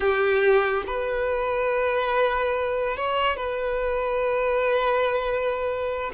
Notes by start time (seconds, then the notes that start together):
0.00 G4
0.86 B4
2.96 C#5
3.36 B4